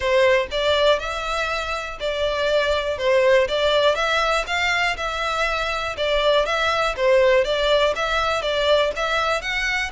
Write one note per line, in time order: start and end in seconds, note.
0.00 0.47 C5
0.51 0.99 D5
0.99 1.98 E5
2.00 2.98 D5
2.98 3.47 C5
3.47 3.95 D5
3.95 4.44 E5
4.46 4.96 F5
4.96 5.95 E5
5.97 6.45 D5
6.45 6.95 E5
6.96 7.44 C5
7.44 7.93 D5
7.95 8.42 E5
8.42 8.91 D5
8.96 9.41 E5
9.41 9.91 F#5